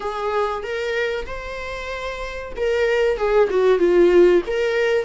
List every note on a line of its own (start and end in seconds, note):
0.00 0.63 G#4
0.63 1.26 A#4
1.26 2.52 C5
2.56 3.17 A#4
3.17 3.49 G#4
3.50 3.79 F#4
3.79 4.42 F4
4.46 5.04 A#4